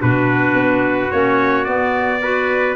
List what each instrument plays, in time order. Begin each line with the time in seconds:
0.00 tuba B2, clarinet D4, trumpet F#4 B4
0.54 tuba B3
1.11 tuba A#3, clarinet C#4, trumpet C#5
1.65 clarinet B3, tuba B3, trumpet D5
2.22 clarinet F#4, trumpet B4